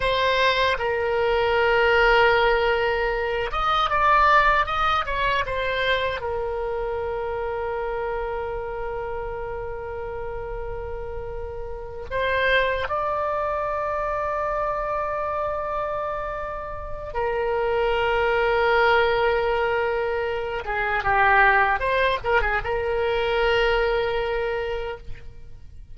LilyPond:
\new Staff \with { instrumentName = "oboe" } { \time 4/4 \tempo 4 = 77 c''4 ais'2.~ | ais'8 dis''8 d''4 dis''8 cis''8 c''4 | ais'1~ | ais'2.~ ais'8 c''8~ |
c''8 d''2.~ d''8~ | d''2 ais'2~ | ais'2~ ais'8 gis'8 g'4 | c''8 ais'16 gis'16 ais'2. | }